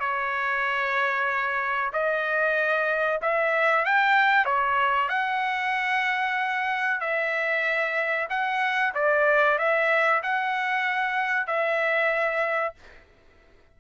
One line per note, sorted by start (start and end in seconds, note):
0.00 1.91 C#5
1.93 3.21 D#5
3.22 3.85 E5
3.85 4.46 G5
4.46 5.09 C#5
5.09 7.01 F#5
7.01 8.28 E5
8.30 8.94 F#5
8.94 9.58 D5
9.58 10.22 E5
10.23 11.47 F#5
11.47 12.75 E5